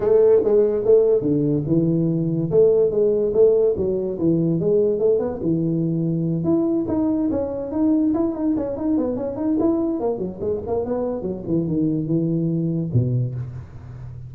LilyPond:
\new Staff \with { instrumentName = "tuba" } { \time 4/4 \tempo 4 = 144 a4 gis4 a4 d4 | e2 a4 gis4 | a4 fis4 e4 gis4 | a8 b8 e2~ e8 e'8~ |
e'8 dis'4 cis'4 dis'4 e'8 | dis'8 cis'8 dis'8 b8 cis'8 dis'8 e'4 | ais8 fis8 gis8 ais8 b4 fis8 e8 | dis4 e2 b,4 | }